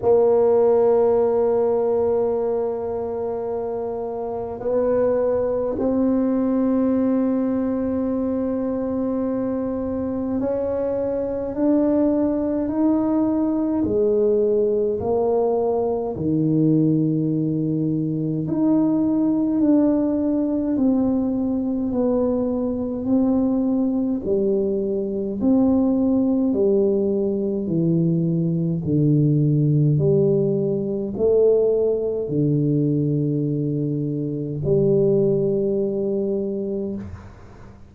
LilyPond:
\new Staff \with { instrumentName = "tuba" } { \time 4/4 \tempo 4 = 52 ais1 | b4 c'2.~ | c'4 cis'4 d'4 dis'4 | gis4 ais4 dis2 |
dis'4 d'4 c'4 b4 | c'4 g4 c'4 g4 | e4 d4 g4 a4 | d2 g2 | }